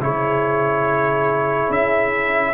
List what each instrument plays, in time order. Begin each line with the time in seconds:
0.00 tuba C#3, trombone E4, horn G#4, trumpet C#5
1.70 tuba C#4, trumpet E5